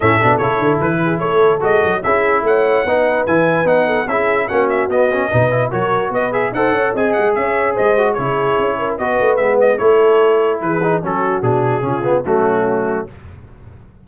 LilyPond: <<
  \new Staff \with { instrumentName = "trumpet" } { \time 4/4 \tempo 4 = 147 e''4 cis''4 b'4 cis''4 | dis''4 e''4 fis''2 | gis''4 fis''4 e''4 fis''8 e''8 | dis''2 cis''4 dis''8 e''8 |
fis''4 gis''8 fis''8 e''4 dis''4 | cis''2 dis''4 e''8 dis''8 | cis''2 b'4 a'4 | gis'2 fis'2 | }
  \new Staff \with { instrumentName = "horn" } { \time 4/4 a'2~ a'8 gis'8 a'4~ | a'4 gis'4 cis''4 b'4~ | b'4. a'8 gis'4 fis'4~ | fis'4 b'4 ais'4 b'4 |
c''8 cis''8 dis''4 cis''4 c''4 | gis'4. ais'8 b'2 | a'2 gis'4 fis'4~ | fis'4 f'4 cis'2 | }
  \new Staff \with { instrumentName = "trombone" } { \time 4/4 cis'8 d'8 e'2. | fis'4 e'2 dis'4 | e'4 dis'4 e'4 cis'4 | b8 cis'8 dis'8 e'8 fis'4. gis'8 |
a'4 gis'2~ gis'8 fis'8 | e'2 fis'4 b4 | e'2~ e'8 dis'8 cis'4 | d'4 cis'8 b8 a2 | }
  \new Staff \with { instrumentName = "tuba" } { \time 4/4 a,8 b,8 cis8 d8 e4 a4 | gis8 fis8 cis'4 a4 b4 | e4 b4 cis'4 ais4 | b4 b,4 fis4 b4 |
dis'8 cis'8 c'8 gis8 cis'4 gis4 | cis4 cis'4 b8 a8 gis4 | a2 e4 fis4 | b,4 cis4 fis2 | }
>>